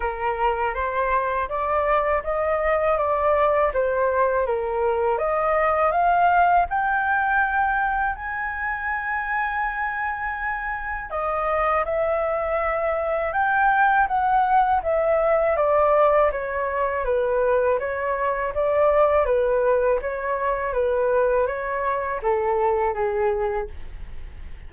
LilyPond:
\new Staff \with { instrumentName = "flute" } { \time 4/4 \tempo 4 = 81 ais'4 c''4 d''4 dis''4 | d''4 c''4 ais'4 dis''4 | f''4 g''2 gis''4~ | gis''2. dis''4 |
e''2 g''4 fis''4 | e''4 d''4 cis''4 b'4 | cis''4 d''4 b'4 cis''4 | b'4 cis''4 a'4 gis'4 | }